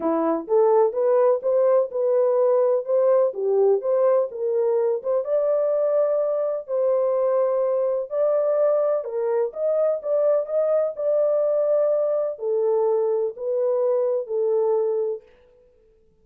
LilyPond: \new Staff \with { instrumentName = "horn" } { \time 4/4 \tempo 4 = 126 e'4 a'4 b'4 c''4 | b'2 c''4 g'4 | c''4 ais'4. c''8 d''4~ | d''2 c''2~ |
c''4 d''2 ais'4 | dis''4 d''4 dis''4 d''4~ | d''2 a'2 | b'2 a'2 | }